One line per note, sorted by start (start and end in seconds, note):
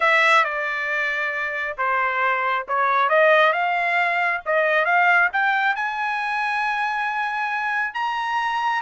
0.00 0.44 E5
0.44 1.76 D5
1.77 2.66 C5
2.68 3.09 C#5
3.09 3.53 D#5
3.53 4.41 F5
4.45 4.85 D#5
4.85 5.29 F5
5.33 5.75 G5
5.75 7.94 G#5
7.94 8.81 A#5